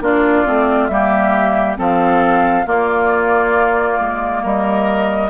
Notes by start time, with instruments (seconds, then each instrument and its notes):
0.00 bassoon A#3, clarinet D4, oboe F4, flute D5
0.45 bassoon A3, clarinet C4
0.87 bassoon G3, clarinet A#3, oboe G4, flute E5
1.76 bassoon F3, clarinet C4, oboe A4, flute F5
2.65 clarinet A#3, bassoon A#3, oboe F4, flute D5
3.99 bassoon G#3
4.42 bassoon G3, oboe A#4, flute D#5